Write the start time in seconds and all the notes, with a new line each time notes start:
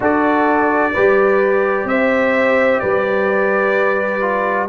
0.00 D4 F#4 A4 D5
0.93 G3 G4 B4
1.84 C4 C5 E5
2.79 G3 B4 D5
4.21 F4